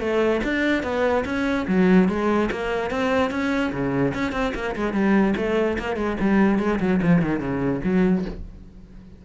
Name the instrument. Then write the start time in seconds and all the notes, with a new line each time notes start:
cello
0.00 A3
0.44 D4
0.83 B3
1.25 C#4
1.68 F#3
2.09 G#3
2.52 A#3
2.91 C4
3.31 C#4
3.72 C#3
4.14 C#4
4.32 C4
4.55 A#3
4.76 G#3
4.93 G3
5.37 A3
5.79 A#3
5.96 G#3
6.20 G3
6.59 G#3
6.80 F#3
7.02 F3
7.22 D#3
7.40 C#3
7.84 F#3